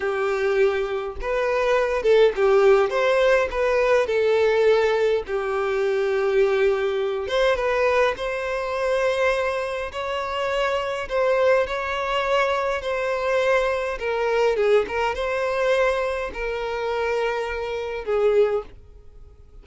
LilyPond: \new Staff \with { instrumentName = "violin" } { \time 4/4 \tempo 4 = 103 g'2 b'4. a'8 | g'4 c''4 b'4 a'4~ | a'4 g'2.~ | g'8 c''8 b'4 c''2~ |
c''4 cis''2 c''4 | cis''2 c''2 | ais'4 gis'8 ais'8 c''2 | ais'2. gis'4 | }